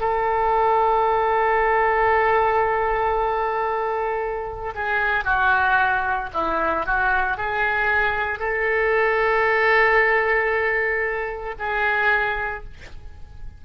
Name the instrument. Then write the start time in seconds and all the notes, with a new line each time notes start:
oboe
0.00 A4
4.75 G#4
5.24 F#4
6.33 E4
6.86 F#4
7.37 G#4
8.39 A4
11.58 G#4